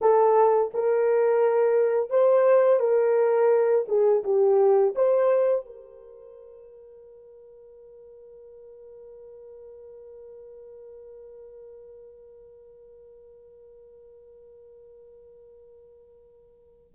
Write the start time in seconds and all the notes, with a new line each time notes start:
0.01 A4
0.73 A#4
2.10 C5
2.79 A#4
3.88 G#4
4.24 G4
4.95 C5
5.65 A#4